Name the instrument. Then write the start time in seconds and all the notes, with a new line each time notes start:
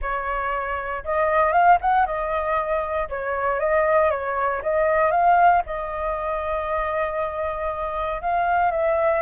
flute
0.01 C#5
1.04 D#5
1.52 F5
1.81 F#5
2.06 D#5
3.09 C#5
3.59 D#5
4.10 C#5
4.62 D#5
5.11 F5
5.65 D#5
8.21 F5
8.71 E5